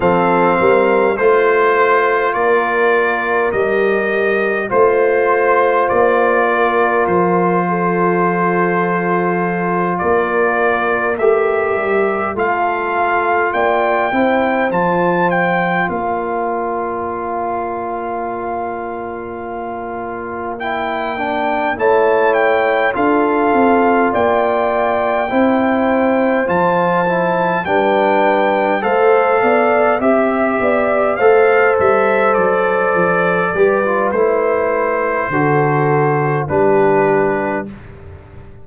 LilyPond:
<<
  \new Staff \with { instrumentName = "trumpet" } { \time 4/4 \tempo 4 = 51 f''4 c''4 d''4 dis''4 | c''4 d''4 c''2~ | c''8 d''4 e''4 f''4 g''8~ | g''8 a''8 g''8 f''2~ f''8~ |
f''4. g''4 a''8 g''8 f''8~ | f''8 g''2 a''4 g''8~ | g''8 f''4 e''4 f''8 e''8 d''8~ | d''4 c''2 b'4 | }
  \new Staff \with { instrumentName = "horn" } { \time 4/4 a'8 ais'8 c''4 ais'2 | c''4. ais'4 a'4.~ | a'8 ais'2 a'4 d''8 | c''4. d''2~ d''8~ |
d''2~ d''8 cis''4 a'8~ | a'8 d''4 c''2 b'8~ | b'8 c''8 d''8 e''8 d''8 c''4.~ | c''8 b'4. a'4 g'4 | }
  \new Staff \with { instrumentName = "trombone" } { \time 4/4 c'4 f'2 g'4 | f'1~ | f'4. g'4 f'4. | e'8 f'2.~ f'8~ |
f'4. e'8 d'8 e'4 f'8~ | f'4. e'4 f'8 e'8 d'8~ | d'8 a'4 g'4 a'4.~ | a'8 g'16 f'16 e'4 fis'4 d'4 | }
  \new Staff \with { instrumentName = "tuba" } { \time 4/4 f8 g8 a4 ais4 g4 | a4 ais4 f2~ | f8 ais4 a8 g8 a4 ais8 | c'8 f4 ais2~ ais8~ |
ais2~ ais8 a4 d'8 | c'8 ais4 c'4 f4 g8~ | g8 a8 b8 c'8 b8 a8 g8 fis8 | f8 g8 a4 d4 g4 | }
>>